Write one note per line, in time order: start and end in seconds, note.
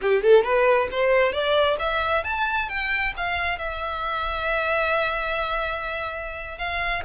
0.01 0.22 G4
0.22 0.43 A4
0.43 0.88 B4
0.91 1.32 C5
1.32 1.77 D5
1.79 2.24 E5
2.24 2.68 A5
2.68 3.13 G5
3.16 3.58 F5
3.58 6.58 E5
6.58 7.02 F5